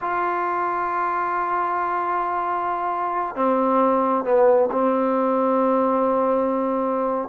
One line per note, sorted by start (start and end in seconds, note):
0.01 3.35 F4
3.35 4.24 C4
4.24 4.69 B3
4.71 7.28 C4